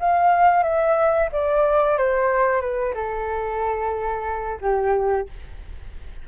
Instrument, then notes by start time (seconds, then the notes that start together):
flute
0.00 F5
0.64 E5
1.32 D5
1.98 C5
2.61 B4
2.95 A4
4.62 G4